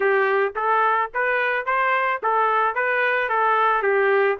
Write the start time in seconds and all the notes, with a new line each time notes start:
0.00 G4
0.55 A4
1.14 B4
1.65 C5
2.22 A4
2.74 B4
3.29 A4
3.82 G4